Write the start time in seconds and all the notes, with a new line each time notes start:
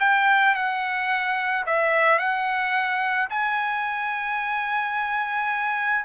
0.00 G5
0.55 F#5
1.66 E5
2.19 F#5
3.30 G#5